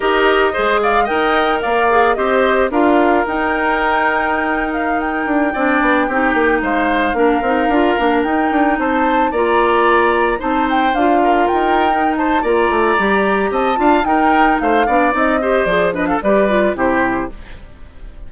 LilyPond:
<<
  \new Staff \with { instrumentName = "flute" } { \time 4/4 \tempo 4 = 111 dis''4. f''8 g''4 f''4 | dis''4 f''4 g''2~ | g''8. f''8 g''2~ g''8.~ | g''16 f''2. g''8.~ |
g''16 a''4 ais''2 a''8 g''16~ | g''16 f''4 g''4~ g''16 a''8 ais''4~ | ais''4 a''4 g''4 f''4 | dis''4 d''8 dis''16 f''16 d''4 c''4 | }
  \new Staff \with { instrumentName = "oboe" } { \time 4/4 ais'4 c''8 d''8 dis''4 d''4 | c''4 ais'2.~ | ais'2~ ais'16 d''4 g'8.~ | g'16 c''4 ais'2~ ais'8.~ |
ais'16 c''4 d''2 c''8.~ | c''8. ais'4.~ ais'16 c''8 d''4~ | d''4 dis''8 f''8 ais'4 c''8 d''8~ | d''8 c''4 b'16 a'16 b'4 g'4 | }
  \new Staff \with { instrumentName = "clarinet" } { \time 4/4 g'4 gis'4 ais'4. gis'8 | g'4 f'4 dis'2~ | dis'2~ dis'16 d'4 dis'8.~ | dis'4~ dis'16 d'8 dis'8 f'8 d'8 dis'8.~ |
dis'4~ dis'16 f'2 dis'8.~ | dis'16 f'4.~ f'16 dis'4 f'4 | g'4. f'8 dis'4. d'8 | dis'8 g'8 gis'8 d'8 g'8 f'8 e'4 | }
  \new Staff \with { instrumentName = "bassoon" } { \time 4/4 dis'4 gis4 dis'4 ais4 | c'4 d'4 dis'2~ | dis'4.~ dis'16 d'8 c'8 b8 c'8 ais16~ | ais16 gis4 ais8 c'8 d'8 ais8 dis'8 d'16~ |
d'16 c'4 ais2 c'8.~ | c'16 d'4 dis'4.~ dis'16 ais8 a8 | g4 c'8 d'8 dis'4 a8 b8 | c'4 f4 g4 c4 | }
>>